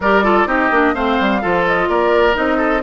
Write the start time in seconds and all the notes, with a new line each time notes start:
0.00 G3 G4 A#4 D5
0.23 F4 A4
0.46 C4 D#4 G4 D#5
0.70 A#3 D4
0.94 A3 C4 C5 F5
1.20 G3
1.41 F3 F4 A4
1.66 D#5
1.88 A#3 A#4 D5
2.33 C4 D#4 D#5
2.57 A4